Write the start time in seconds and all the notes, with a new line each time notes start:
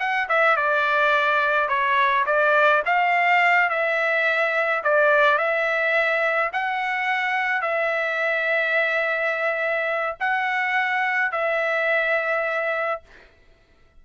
0.00 F#5
0.29 E5
0.57 D5
1.69 C#5
2.26 D5
2.86 F5
3.70 E5
4.84 D5
5.38 E5
6.53 F#5
7.62 E5
10.20 F#5
11.32 E5